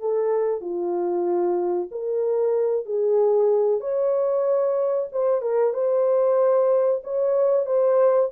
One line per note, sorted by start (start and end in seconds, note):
0.00 0.61 A4
0.61 1.89 F4
1.91 2.85 A#4
2.85 3.80 G#4
3.80 5.08 C#5
5.12 5.41 C5
5.41 5.73 A#4
5.74 7.01 C5
7.04 7.66 C#5
7.66 8.30 C5